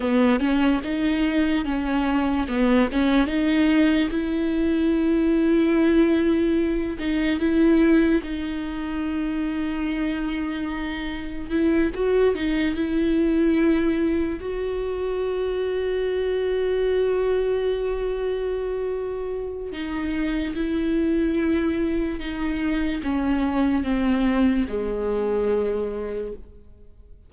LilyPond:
\new Staff \with { instrumentName = "viola" } { \time 4/4 \tempo 4 = 73 b8 cis'8 dis'4 cis'4 b8 cis'8 | dis'4 e'2.~ | e'8 dis'8 e'4 dis'2~ | dis'2 e'8 fis'8 dis'8 e'8~ |
e'4. fis'2~ fis'8~ | fis'1 | dis'4 e'2 dis'4 | cis'4 c'4 gis2 | }